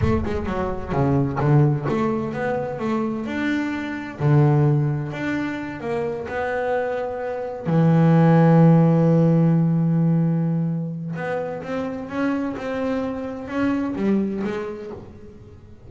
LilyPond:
\new Staff \with { instrumentName = "double bass" } { \time 4/4 \tempo 4 = 129 a8 gis8 fis4 cis4 d4 | a4 b4 a4 d'4~ | d'4 d2 d'4~ | d'8 ais4 b2~ b8~ |
b8 e2.~ e8~ | e1 | b4 c'4 cis'4 c'4~ | c'4 cis'4 g4 gis4 | }